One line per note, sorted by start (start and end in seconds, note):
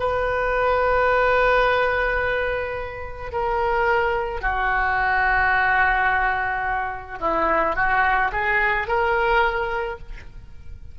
0.00 3.32 B4
3.32 4.41 A#4
4.41 7.19 F#4
7.21 7.76 E4
7.76 8.32 F#4
8.32 8.88 G#4
8.88 9.99 A#4